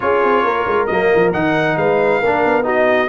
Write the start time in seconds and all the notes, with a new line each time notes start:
0.00 C#4 F4 G#4 C#5
0.23 C4
0.43 A#3 A#4
0.66 G#3
0.86 F#3 A#3 D#5
1.14 F3
1.32 D#3 D#4 F#5
1.76 G#3 B4 F5
2.20 A#3 D4 A#4
2.44 B3
2.63 D#4 F#4 D#5